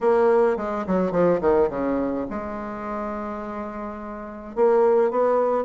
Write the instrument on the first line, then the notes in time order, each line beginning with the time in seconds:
bassoon
0.00 A#3
0.57 G#3
0.86 F#3
1.11 F3
1.40 D#3
1.69 C#3
2.30 G#3
4.55 A#3
5.10 B3